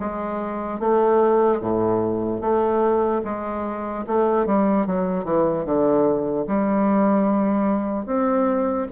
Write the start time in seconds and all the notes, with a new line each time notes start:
0.00 G#3
0.80 A3
1.61 A2
2.41 A3
3.25 G#3
4.07 A3
4.47 G3
4.87 F#3
5.25 E3
5.65 D3
6.48 G3
8.06 C4